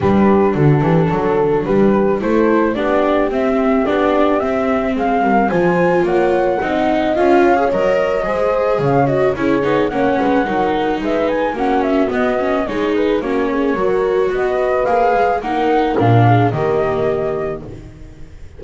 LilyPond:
<<
  \new Staff \with { instrumentName = "flute" } { \time 4/4 \tempo 4 = 109 b'4 a'2 b'4 | c''4 d''4 e''4 d''4 | e''4 f''4 gis''4 fis''4~ | fis''4 f''4 dis''2 |
f''8 dis''8 cis''4 fis''2 | e''8 gis''8 fis''8 e''8 dis''4 cis''8 b'8 | cis''2 dis''4 f''4 | fis''4 f''4 dis''2 | }
  \new Staff \with { instrumentName = "horn" } { \time 4/4 g'4 fis'8 g'8 a'4 g'4 | a'4 g'2.~ | g'4 gis'8 ais'8 c''4 cis''4 | dis''4. cis''4. c''4 |
cis''4 gis'4 cis''8 b'8 ais'4 | b'4 fis'2 gis'4 | fis'8 gis'8 ais'4 b'2 | ais'4. gis'8 g'2 | }
  \new Staff \with { instrumentName = "viola" } { \time 4/4 d'1 | e'4 d'4 c'4 d'4 | c'2 f'2 | dis'4 f'8. gis'16 ais'4 gis'4~ |
gis'8 fis'8 e'8 dis'8 cis'4 dis'4~ | dis'4 cis'4 b8 cis'8 dis'4 | cis'4 fis'2 gis'4 | dis'4 d'4 ais2 | }
  \new Staff \with { instrumentName = "double bass" } { \time 4/4 g4 d8 e8 fis4 g4 | a4 b4 c'4 b4 | c'4 gis8 g8 f4 ais4 | c'4 cis'4 fis4 gis4 |
cis4 cis'8 b8 ais8 gis8 fis4 | gis4 ais4 b4 gis4 | ais4 fis4 b4 ais8 gis8 | ais4 ais,4 dis2 | }
>>